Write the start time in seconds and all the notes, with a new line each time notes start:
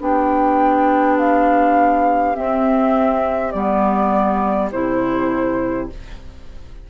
0.00 B3 D4 G4 G5
1.18 F5
2.34 C4 E5
3.52 G3 B3 D5
4.72 C3 E4 C5